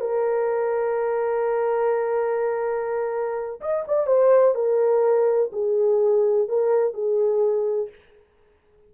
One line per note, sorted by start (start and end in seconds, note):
0.00 3.60 A#4
3.60 3.84 D#5
3.87 4.06 D5
4.06 4.54 C5
4.54 5.50 A#4
5.52 6.48 G#4
6.48 6.93 A#4
6.93 7.89 G#4